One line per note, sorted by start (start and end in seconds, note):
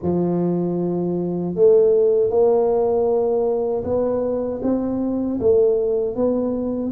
0.02 1.55 F3
1.55 2.29 A3
2.29 3.83 A#3
3.84 4.60 B3
4.62 5.39 C4
5.40 6.15 A3
6.15 6.91 B3